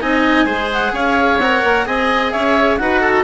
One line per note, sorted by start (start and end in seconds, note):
0.00 0.45 C4
0.00 0.46 D#4
0.00 0.46 D#5
0.00 0.70 G#5
0.45 0.92 G#3
0.45 1.39 G#4
0.45 0.92 C5
0.73 0.95 F#5
0.92 1.38 C#4
0.92 1.86 C#5
0.92 1.40 F5
1.38 1.62 C4
1.38 1.86 A#4
1.38 1.87 F#5
1.64 1.87 A#3
1.86 2.33 C4
1.86 2.79 G#4
1.86 2.32 D#5
1.86 2.32 G#5
2.32 2.79 C#4
2.32 2.79 C#5
2.32 2.76 E5
2.76 3.24 D#4
2.76 3.24 F#4
2.76 3.01 B4
2.76 3.23 F#5
3.01 3.24 A4